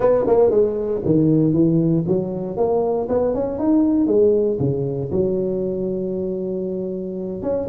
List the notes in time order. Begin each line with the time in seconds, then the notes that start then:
0.00 B3
0.26 A#3
0.50 G#3
1.05 D#3
1.53 E3
2.07 F#3
2.56 A#3
3.08 B3
3.34 C#4
3.59 D#4
4.07 G#3
4.59 C#3
5.11 F#3
7.42 C#4